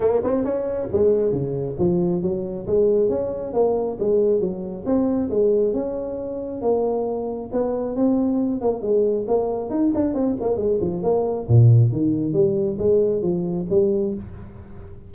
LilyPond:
\new Staff \with { instrumentName = "tuba" } { \time 4/4 \tempo 4 = 136 ais8 c'8 cis'4 gis4 cis4 | f4 fis4 gis4 cis'4 | ais4 gis4 fis4 c'4 | gis4 cis'2 ais4~ |
ais4 b4 c'4. ais8 | gis4 ais4 dis'8 d'8 c'8 ais8 | gis8 f8 ais4 ais,4 dis4 | g4 gis4 f4 g4 | }